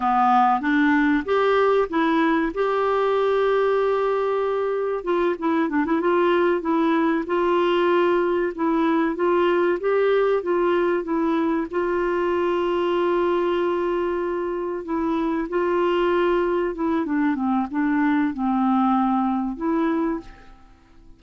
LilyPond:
\new Staff \with { instrumentName = "clarinet" } { \time 4/4 \tempo 4 = 95 b4 d'4 g'4 e'4 | g'1 | f'8 e'8 d'16 e'16 f'4 e'4 f'8~ | f'4. e'4 f'4 g'8~ |
g'8 f'4 e'4 f'4.~ | f'2.~ f'8 e'8~ | e'8 f'2 e'8 d'8 c'8 | d'4 c'2 e'4 | }